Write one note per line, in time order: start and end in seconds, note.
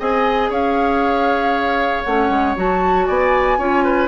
0.00 0.50 C4
0.00 2.05 G#4
0.00 0.50 D#5
0.00 0.52 G#5
0.50 2.04 C#4
0.50 3.07 C#5
0.50 2.04 F5
2.04 2.30 A3
2.04 2.57 C#4
2.04 2.55 F#5
2.30 2.56 G#3
2.57 3.08 F#3
2.57 3.59 F#4
2.57 3.06 A5
3.06 3.58 B3
3.06 3.59 D5
3.06 4.08 G#5
3.58 4.08 C#4
3.58 4.08 F4
3.58 3.84 C#5
3.84 4.08 B4